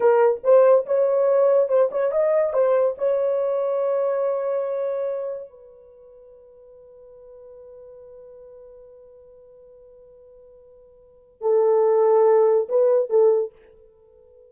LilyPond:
\new Staff \with { instrumentName = "horn" } { \time 4/4 \tempo 4 = 142 ais'4 c''4 cis''2 | c''8 cis''8 dis''4 c''4 cis''4~ | cis''1~ | cis''4 b'2.~ |
b'1~ | b'1~ | b'2. a'4~ | a'2 b'4 a'4 | }